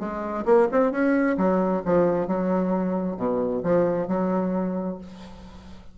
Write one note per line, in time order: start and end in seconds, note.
0.00 0.45 G#3
0.46 0.68 A#3
0.72 0.92 C4
0.92 1.37 C#4
1.38 1.83 F#3
1.86 2.28 F3
2.28 3.17 F#3
3.17 3.62 B2
3.64 4.08 F3
4.08 4.98 F#3